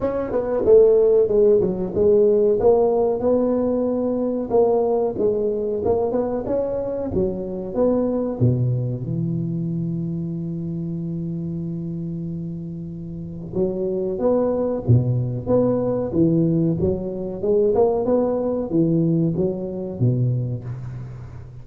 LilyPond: \new Staff \with { instrumentName = "tuba" } { \time 4/4 \tempo 4 = 93 cis'8 b8 a4 gis8 fis8 gis4 | ais4 b2 ais4 | gis4 ais8 b8 cis'4 fis4 | b4 b,4 e2~ |
e1~ | e4 fis4 b4 b,4 | b4 e4 fis4 gis8 ais8 | b4 e4 fis4 b,4 | }